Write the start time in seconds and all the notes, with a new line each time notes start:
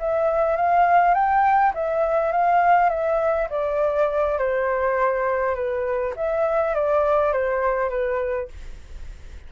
0.00 E5
0.57 F5
1.15 G5
1.75 E5
2.32 F5
2.90 E5
3.51 D5
4.39 C5
5.56 B4
6.17 E5
6.75 D5
7.33 C5
7.90 B4